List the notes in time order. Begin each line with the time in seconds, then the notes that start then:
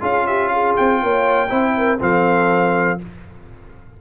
0.00 C#4 F4 G#4 F5
0.27 G4 E5
0.48 G#4 F5
0.76 C4 G5
1.03 A#3 C#5
1.49 C4 E4 C5
1.77 A#4
2.00 F3 C4 A4 F5